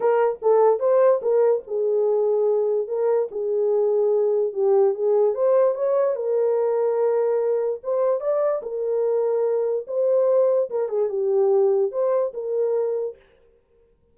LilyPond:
\new Staff \with { instrumentName = "horn" } { \time 4/4 \tempo 4 = 146 ais'4 a'4 c''4 ais'4 | gis'2. ais'4 | gis'2. g'4 | gis'4 c''4 cis''4 ais'4~ |
ais'2. c''4 | d''4 ais'2. | c''2 ais'8 gis'8 g'4~ | g'4 c''4 ais'2 | }